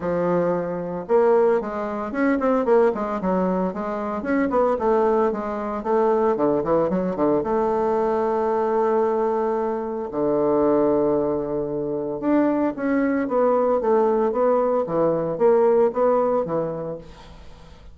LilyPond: \new Staff \with { instrumentName = "bassoon" } { \time 4/4 \tempo 4 = 113 f2 ais4 gis4 | cis'8 c'8 ais8 gis8 fis4 gis4 | cis'8 b8 a4 gis4 a4 | d8 e8 fis8 d8 a2~ |
a2. d4~ | d2. d'4 | cis'4 b4 a4 b4 | e4 ais4 b4 e4 | }